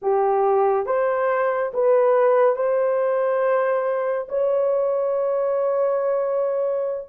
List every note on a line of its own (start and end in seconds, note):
0.02 0.86 G4
0.86 1.71 C5
1.73 2.56 B4
2.56 4.27 C5
4.28 7.07 C#5